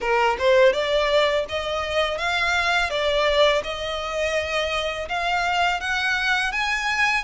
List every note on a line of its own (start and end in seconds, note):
0.00 0.36 A#4
0.38 0.72 C5
0.72 1.45 D5
1.48 2.18 D#5
2.18 2.89 F5
2.89 3.62 D5
3.63 5.08 D#5
5.08 5.80 F5
5.80 6.52 F#5
6.52 7.23 G#5